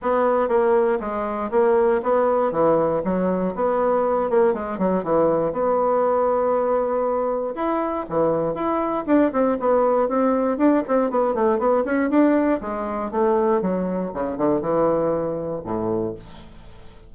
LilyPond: \new Staff \with { instrumentName = "bassoon" } { \time 4/4 \tempo 4 = 119 b4 ais4 gis4 ais4 | b4 e4 fis4 b4~ | b8 ais8 gis8 fis8 e4 b4~ | b2. e'4 |
e4 e'4 d'8 c'8 b4 | c'4 d'8 c'8 b8 a8 b8 cis'8 | d'4 gis4 a4 fis4 | cis8 d8 e2 a,4 | }